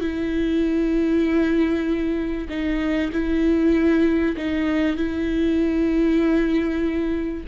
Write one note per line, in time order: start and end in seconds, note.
0.00 2.47 E4
2.49 3.11 D#4
3.12 4.36 E4
4.36 4.96 D#4
4.96 7.43 E4